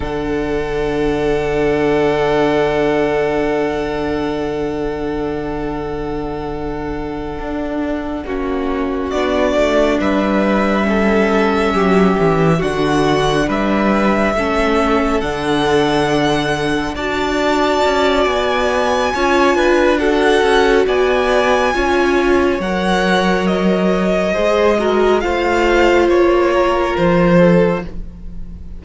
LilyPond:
<<
  \new Staff \with { instrumentName = "violin" } { \time 4/4 \tempo 4 = 69 fis''1~ | fis''1~ | fis''2~ fis''8 d''4 e''8~ | e''2~ e''8 fis''4 e''8~ |
e''4. fis''2 a''8~ | a''4 gis''2 fis''4 | gis''2 fis''4 dis''4~ | dis''4 f''4 cis''4 c''4 | }
  \new Staff \with { instrumentName = "violin" } { \time 4/4 a'1~ | a'1~ | a'4. fis'2 b'8~ | b'8 a'4 g'4 fis'4 b'8~ |
b'8 a'2. d''8~ | d''2 cis''8 b'8 a'4 | d''4 cis''2. | c''8 ais'8 c''4. ais'4 a'8 | }
  \new Staff \with { instrumentName = "viola" } { \time 4/4 d'1~ | d'1~ | d'4. cis'4 d'4.~ | d'8 cis'2 d'4.~ |
d'8 cis'4 d'2 fis'8~ | fis'2 f'4 fis'4~ | fis'4 f'4 ais'2 | gis'8 fis'8 f'2. | }
  \new Staff \with { instrumentName = "cello" } { \time 4/4 d1~ | d1~ | d8 d'4 ais4 b8 a8 g8~ | g4. fis8 e8 d4 g8~ |
g8 a4 d2 d'8~ | d'8 cis'8 b4 cis'8 d'4 cis'8 | b4 cis'4 fis2 | gis4 a4 ais4 f4 | }
>>